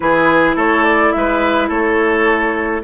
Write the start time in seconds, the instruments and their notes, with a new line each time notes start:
0.00 bassoon E3, clarinet E4, oboe G#4, flute B4
0.55 bassoon A3, oboe A4, flute C#5
0.83 flute D5
1.12 bassoon G#3, oboe B4, flute E5
1.68 bassoon A3, oboe A4, flute C#5